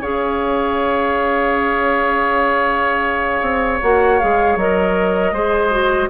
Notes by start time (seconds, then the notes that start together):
0.00 C#4 G#4 C#5 F5
3.41 C4
3.81 A#3 F#4 F#5
4.19 G#3 G#4 F5
4.56 F#3 A#4 D#5
5.31 G#3 G#4 C5
5.71 F#4